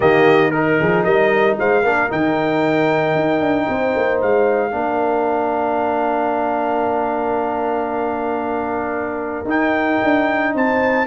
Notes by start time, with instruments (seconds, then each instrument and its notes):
0.00 tuba D#3, trombone A#3, horn G4, trumpet D#5
0.50 trombone D#4, trumpet A#4, horn A#4
0.80 tuba F3, horn G#4
1.04 tuba G3, horn A#4, trumpet D#5
1.59 tuba G#3, horn C5, trumpet F5
1.82 tuba A#3, trombone D4, horn A#4
2.09 tuba D#3, trombone D#4, trumpet G5
3.14 tuba D#4
3.40 tuba D4
3.66 tuba C4, horn C5
3.96 tuba A#3
4.21 tuba G#3, trumpet F5
4.71 tuba A#3, trombone D4, horn A#4
9.44 tuba D#4, trombone D#4, trumpet G5
10.03 tuba D4
10.54 tuba C4, horn C5, trumpet A5